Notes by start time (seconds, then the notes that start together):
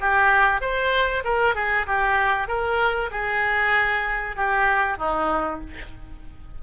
0.00 G4
0.61 C5
1.24 A#4
1.55 G#4
1.86 G4
2.47 A#4
3.11 G#4
4.36 G4
4.97 D#4